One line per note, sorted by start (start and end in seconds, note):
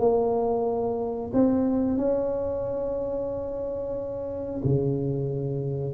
0.00 1.32 A#3
1.34 1.98 C4
1.98 4.61 C#4
4.65 5.94 C#3